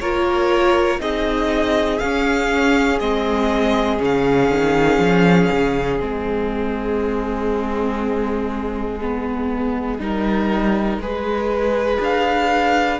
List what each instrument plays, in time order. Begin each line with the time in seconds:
0.00 cello A#3, viola F4, violin A#4 C#5
1.00 cello C4, viola D#4, violin G#4 D#5
1.99 viola C#4, cello C#4, violin F5
3.00 cello G#3, viola C4, violin D#5
3.98 cello C#3, viola C#4
4.05 violin F5
4.50 cello D#3
4.98 cello F3
5.52 cello C#3
6.00 cello G#3, viola C4, violin D#5
9.01 viola B3
9.99 cello G3, viola D#4, violin A#4
10.98 cello G#3, viola G#4, violin B4
12.00 cello D4, violin F5